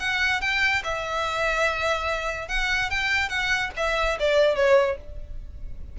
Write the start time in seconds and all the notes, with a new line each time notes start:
0.00 F#5
0.41 G5
0.84 E5
2.49 F#5
2.91 G5
3.30 F#5
3.77 E5
4.20 D5
4.56 C#5